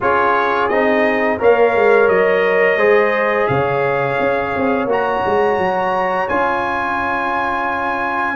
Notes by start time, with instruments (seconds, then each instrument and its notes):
0.00 tuba C#4, trombone F4, horn G#4, trumpet C#5
0.68 tuba C4, trombone D#4, trumpet D#5
1.38 tuba A#3, trombone A#4, horn C#5, trumpet F5
1.75 tuba G#3
2.08 tuba F#3, trumpet D#5
2.76 tuba G#3, trombone G#4, horn C5
3.47 tuba C#3, horn C#5, trumpet F5
4.20 tuba C#4
4.56 tuba C4
4.85 tuba A#3, trombone F#4
4.91 trumpet A#5
5.25 tuba G#3
5.58 tuba F#3
6.28 tuba C#4, trombone F4, trumpet G#5